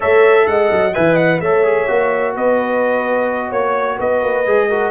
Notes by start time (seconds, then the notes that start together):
0.00 A3 A4 C#5 E5
0.47 G#3 D#5 F#5
0.70 F#3
0.94 E3 B4 E5 G#5
1.13 D#5 F#5
1.40 A3 A4 C#5 E5
1.64 G#4
1.87 A#3 F#4
2.34 B3 B4 D#5
3.48 A#3 C#5
3.97 B3 B4 D#5
4.22 A#3
4.46 G#3 G#4
4.68 F#4 A#4